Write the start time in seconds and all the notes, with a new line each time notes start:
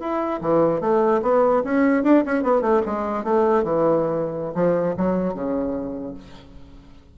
0.00 E4
0.41 E3
0.81 A3
1.22 B3
1.65 C#4
2.04 D4
2.26 C#4
2.43 B3
2.61 A3
2.86 G#3
3.24 A3
3.63 E3
4.55 F3
4.97 F#3
5.34 C#3